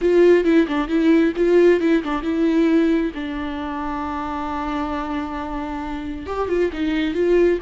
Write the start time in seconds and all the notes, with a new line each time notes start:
0.01 F4
0.44 E4
0.67 D4
0.88 E4
1.36 F4
1.80 E4
2.03 D4
2.22 E4
3.14 D4
6.26 G4
6.48 F4
6.72 D#4
7.14 F4